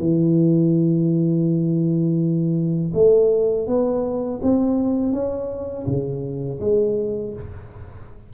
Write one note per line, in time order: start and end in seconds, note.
0.00 2.93 E3
2.94 3.68 A3
3.68 4.41 B3
4.43 5.13 C4
5.13 5.86 C#4
5.87 6.60 C#3
6.61 7.34 G#3